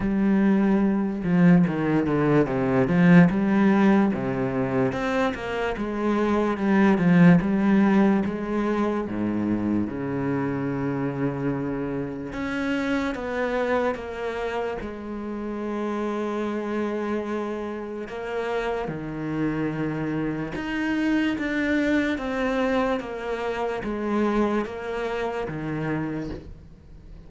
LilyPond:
\new Staff \with { instrumentName = "cello" } { \time 4/4 \tempo 4 = 73 g4. f8 dis8 d8 c8 f8 | g4 c4 c'8 ais8 gis4 | g8 f8 g4 gis4 gis,4 | cis2. cis'4 |
b4 ais4 gis2~ | gis2 ais4 dis4~ | dis4 dis'4 d'4 c'4 | ais4 gis4 ais4 dis4 | }